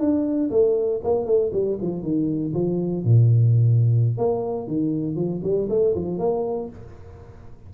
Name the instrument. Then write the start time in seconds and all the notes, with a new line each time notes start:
tuba
0.00 D4
0.51 A3
1.04 A#3
1.26 A3
1.53 G3
1.82 F3
2.03 D#3
2.55 F3
3.05 A#2
4.18 A#3
4.68 D#3
5.16 F3
5.44 G3
5.70 A3
5.96 F3
6.19 A#3